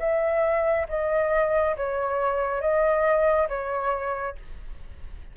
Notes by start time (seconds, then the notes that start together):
0.00 E5
0.89 D#5
1.77 C#5
2.61 D#5
3.49 C#5